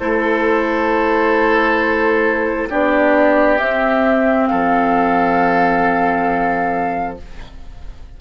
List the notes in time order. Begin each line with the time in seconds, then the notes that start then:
0.00 A3 E4 A4 C5
2.70 B3 D4 G4 D5
3.58 C4 E5
4.47 F3 A4 F5